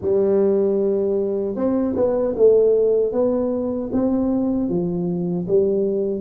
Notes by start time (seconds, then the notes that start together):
0.01 G3
1.55 C4
1.96 B3
2.36 A3
3.12 B3
3.92 C4
4.69 F3
5.47 G3